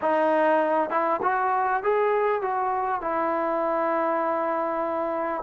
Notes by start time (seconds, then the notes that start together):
0.01 D#4
0.90 E4
1.22 F#4
1.83 G#4
2.41 F#4
3.01 E4